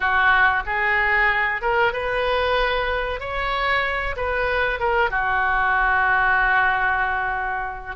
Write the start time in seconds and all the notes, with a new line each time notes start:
0.00 F#4
0.66 G#4
1.61 A#4
1.93 B4
3.19 C#5
4.16 B4
4.79 A#4
5.10 F#4